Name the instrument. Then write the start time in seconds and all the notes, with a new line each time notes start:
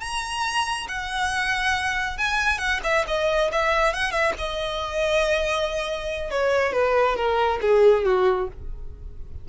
violin
0.00 A#5
0.88 F#5
2.17 G#5
2.58 F#5
2.83 E5
3.07 D#5
3.51 E5
3.93 F#5
4.11 E5
4.38 D#5
6.30 C#5
6.73 B4
7.16 A#4
7.61 G#4
8.04 F#4